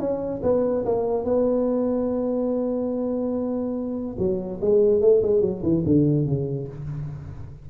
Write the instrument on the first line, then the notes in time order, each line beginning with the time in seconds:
tuba
0.00 C#4
0.43 B3
0.86 A#3
1.25 B3
4.19 F#3
4.62 G#3
5.02 A3
5.23 G#3
5.42 F#3
5.63 E3
5.86 D3
6.26 C#3